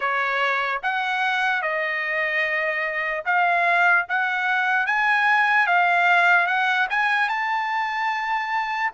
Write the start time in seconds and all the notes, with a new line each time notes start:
0.00 C#5
0.83 F#5
1.61 D#5
3.25 F5
4.08 F#5
4.86 G#5
5.66 F5
6.46 F#5
6.90 G#5
7.28 A5